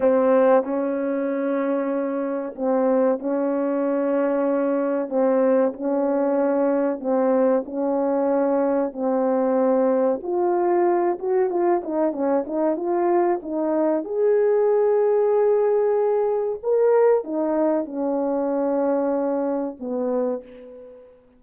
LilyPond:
\new Staff \with { instrumentName = "horn" } { \time 4/4 \tempo 4 = 94 c'4 cis'2. | c'4 cis'2. | c'4 cis'2 c'4 | cis'2 c'2 |
f'4. fis'8 f'8 dis'8 cis'8 dis'8 | f'4 dis'4 gis'2~ | gis'2 ais'4 dis'4 | cis'2. b4 | }